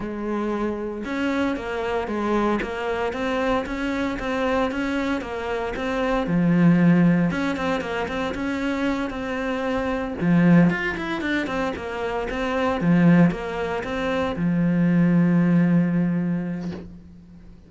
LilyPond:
\new Staff \with { instrumentName = "cello" } { \time 4/4 \tempo 4 = 115 gis2 cis'4 ais4 | gis4 ais4 c'4 cis'4 | c'4 cis'4 ais4 c'4 | f2 cis'8 c'8 ais8 c'8 |
cis'4. c'2 f8~ | f8 f'8 e'8 d'8 c'8 ais4 c'8~ | c'8 f4 ais4 c'4 f8~ | f1 | }